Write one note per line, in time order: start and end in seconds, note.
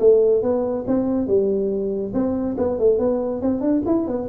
0.00 0.43 A3
0.43 0.85 B3
0.87 1.27 C4
1.27 2.13 G3
2.14 2.56 C4
2.58 2.79 B3
2.79 2.99 A3
2.99 3.42 B3
3.42 3.61 C4
3.61 3.82 D4
3.86 4.07 E4
4.07 4.29 B3